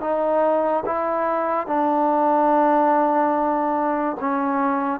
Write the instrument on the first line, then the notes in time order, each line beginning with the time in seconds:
trombone
0.00 D#4
0.86 E4
1.67 D4
4.20 C#4